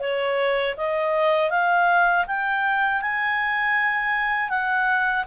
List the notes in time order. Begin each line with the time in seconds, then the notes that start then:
0.00 C#5
0.77 D#5
1.50 F5
2.27 G5
3.01 G#5
4.50 F#5